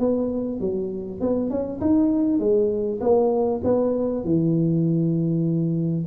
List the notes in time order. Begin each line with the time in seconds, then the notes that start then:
0.00 B3
0.61 F#3
1.21 B3
1.50 C#4
1.81 D#4
2.40 G#3
3.01 A#3
3.64 B3
4.25 E3